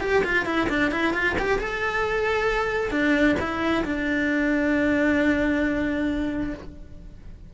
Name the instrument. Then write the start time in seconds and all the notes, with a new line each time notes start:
cello
0.00 G4
0.24 F4
0.45 E4
0.69 D4
0.91 E4
1.13 F4
1.39 G4
1.58 A4
2.90 D4
3.39 E4
3.84 D4